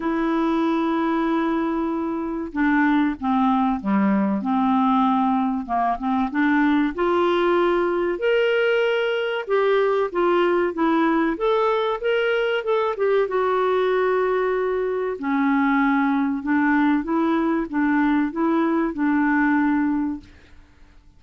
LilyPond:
\new Staff \with { instrumentName = "clarinet" } { \time 4/4 \tempo 4 = 95 e'1 | d'4 c'4 g4 c'4~ | c'4 ais8 c'8 d'4 f'4~ | f'4 ais'2 g'4 |
f'4 e'4 a'4 ais'4 | a'8 g'8 fis'2. | cis'2 d'4 e'4 | d'4 e'4 d'2 | }